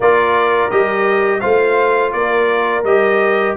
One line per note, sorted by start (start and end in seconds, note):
0.00 0.70 A#3
0.00 0.70 F4
0.00 1.40 A#4
0.00 0.70 D5
0.70 1.42 G3
0.70 1.40 G4
0.70 1.40 D#5
1.40 2.13 A3
1.40 2.83 F4
1.40 2.12 C5
1.40 2.11 F5
2.12 2.83 A#3
2.12 3.56 A#4
2.12 2.83 D5
2.83 3.55 G3
2.83 3.56 G4
2.83 3.56 D#5